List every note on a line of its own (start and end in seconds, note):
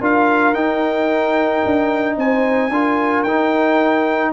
0.00 0.54 D4
0.00 0.55 F4
0.00 2.16 A#4
0.00 0.54 F5
0.54 1.62 D#4
0.54 2.71 D#4
0.54 2.16 G5
1.65 2.17 D4
2.17 2.70 C4
2.17 2.72 C5
2.17 3.24 G#5
2.70 3.24 D4
2.70 3.27 F4
2.70 4.33 A#4
3.24 4.32 D#4
3.24 4.33 D#4
3.24 4.32 G5